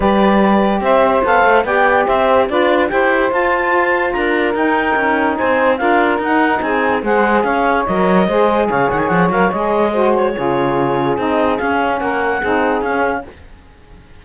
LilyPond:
<<
  \new Staff \with { instrumentName = "clarinet" } { \time 4/4 \tempo 4 = 145 d''2 e''4 f''4 | g''4 e''4 d''4 g''4 | a''2 ais''4 g''4~ | g''4 gis''4 f''4 fis''4 |
gis''4 fis''4 f''4 dis''4~ | dis''4 f''8 fis''16 gis''16 fis''8 f''8 dis''4~ | dis''8 cis''2~ cis''8 dis''4 | f''4 fis''2 f''4 | }
  \new Staff \with { instrumentName = "saxophone" } { \time 4/4 b'2 c''2 | d''4 c''4 b'4 c''4~ | c''2 ais'2~ | ais'4 c''4 ais'2 |
gis'4 c''4 cis''2 | c''4 cis''2. | c''4 gis'2.~ | gis'4 ais'4 gis'2 | }
  \new Staff \with { instrumentName = "saxophone" } { \time 4/4 g'2. a'4 | g'2 f'4 g'4 | f'2. dis'4~ | dis'2 f'4 dis'4~ |
dis'4 gis'2 ais'4 | gis'2~ gis'8 ais'8 gis'4 | fis'4 f'2 dis'4 | cis'2 dis'4 cis'4 | }
  \new Staff \with { instrumentName = "cello" } { \time 4/4 g2 c'4 b8 a8 | b4 c'4 d'4 e'4 | f'2 d'4 dis'4 | cis'4 c'4 d'4 dis'4 |
c'4 gis4 cis'4 fis4 | gis4 cis8 dis8 f8 fis8 gis4~ | gis4 cis2 c'4 | cis'4 ais4 c'4 cis'4 | }
>>